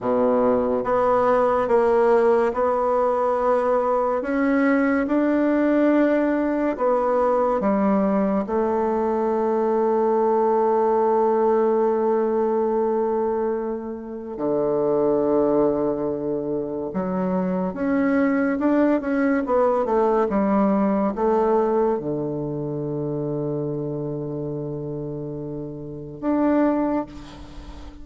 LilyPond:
\new Staff \with { instrumentName = "bassoon" } { \time 4/4 \tempo 4 = 71 b,4 b4 ais4 b4~ | b4 cis'4 d'2 | b4 g4 a2~ | a1~ |
a4 d2. | fis4 cis'4 d'8 cis'8 b8 a8 | g4 a4 d2~ | d2. d'4 | }